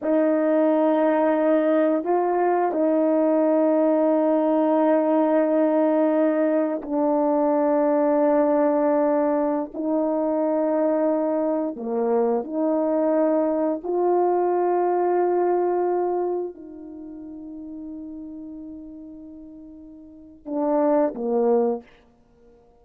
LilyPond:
\new Staff \with { instrumentName = "horn" } { \time 4/4 \tempo 4 = 88 dis'2. f'4 | dis'1~ | dis'2 d'2~ | d'2~ d'16 dis'4.~ dis'16~ |
dis'4~ dis'16 ais4 dis'4.~ dis'16~ | dis'16 f'2.~ f'8.~ | f'16 dis'2.~ dis'8.~ | dis'2 d'4 ais4 | }